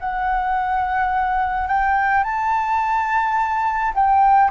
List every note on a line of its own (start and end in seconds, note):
0.00 1.68 F#5
1.68 2.24 G5
2.24 3.94 A5
3.94 4.51 G5